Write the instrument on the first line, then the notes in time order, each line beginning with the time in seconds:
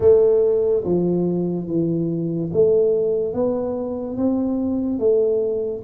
tuba
0.00 A3
0.84 F3
1.67 E3
2.52 A3
3.33 B3
4.17 C4
4.99 A3